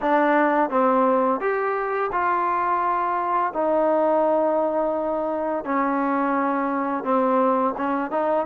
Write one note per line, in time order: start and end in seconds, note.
0.01 0.70 D4
0.70 1.40 C4
1.40 2.10 G4
2.12 3.53 F4
3.53 5.64 D#4
5.65 7.04 C#4
7.04 7.74 C4
7.77 8.10 C#4
8.10 8.46 D#4